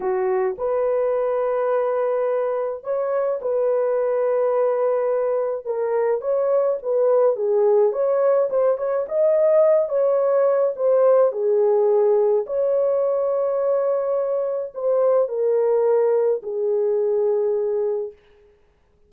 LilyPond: \new Staff \with { instrumentName = "horn" } { \time 4/4 \tempo 4 = 106 fis'4 b'2.~ | b'4 cis''4 b'2~ | b'2 ais'4 cis''4 | b'4 gis'4 cis''4 c''8 cis''8 |
dis''4. cis''4. c''4 | gis'2 cis''2~ | cis''2 c''4 ais'4~ | ais'4 gis'2. | }